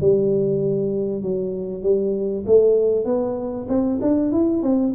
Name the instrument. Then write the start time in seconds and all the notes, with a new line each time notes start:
tuba
0.00 G3
1.22 F#3
1.82 G3
2.46 A3
3.05 B3
3.68 C4
4.01 D4
4.31 E4
4.62 C4